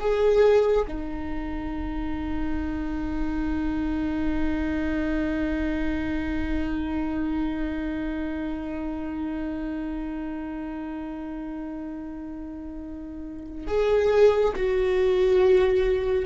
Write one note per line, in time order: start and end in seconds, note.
0.00 0.86 G#4
0.88 13.68 D#4
13.68 14.53 G#4
14.56 16.25 F#4